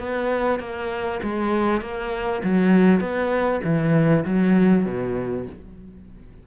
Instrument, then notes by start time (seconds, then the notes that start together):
cello
0.00 B3
0.60 A#3
1.23 G#3
1.82 A#3
2.44 F#3
3.01 B3
3.64 E3
4.25 F#3
4.86 B2